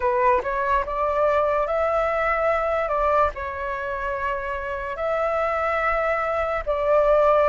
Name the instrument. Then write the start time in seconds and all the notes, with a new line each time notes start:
flute
0.00 B4
0.43 C#5
0.85 D5
1.67 E5
2.88 D5
3.34 C#5
4.96 E5
6.66 D5